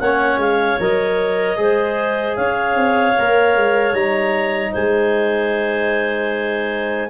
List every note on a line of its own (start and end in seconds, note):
0.00 0.37 A#3
0.00 0.80 C#4
0.00 1.59 C#5
0.00 0.39 F#5
0.37 0.77 G#3
0.37 0.80 F5
0.80 1.58 F#3
0.80 1.57 A#4
0.80 2.36 D#5
1.57 2.37 G#3
1.57 3.15 G#4
1.57 2.38 C5
2.36 2.76 C#4
2.36 4.72 C#5
2.36 3.94 F5
2.76 3.15 C4
3.19 3.56 A#3
3.19 3.94 A#4
3.56 3.93 G#3
3.93 4.72 G3
3.93 7.10 D#4
3.93 4.73 A#5
4.72 7.10 G#3
4.72 7.09 C5
4.72 7.10 G#5